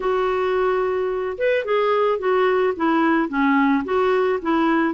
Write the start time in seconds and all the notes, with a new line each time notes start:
0.00 F#4
1.38 B4
1.64 G#4
2.18 F#4
2.76 E4
3.28 C#4
3.84 F#4
4.42 E4